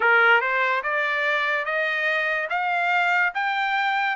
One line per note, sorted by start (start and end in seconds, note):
0.00 0.40 A#4
0.40 0.82 C5
0.83 1.65 D5
1.65 2.48 D#5
2.49 3.33 F5
3.34 4.16 G5